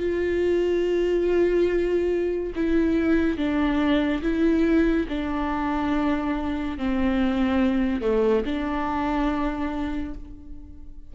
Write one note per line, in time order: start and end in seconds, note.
0.00 2.54 F4
2.56 3.38 E4
3.38 4.22 D4
4.23 5.07 E4
5.09 6.78 D4
6.78 8.02 C4
8.02 8.44 A3
8.46 10.15 D4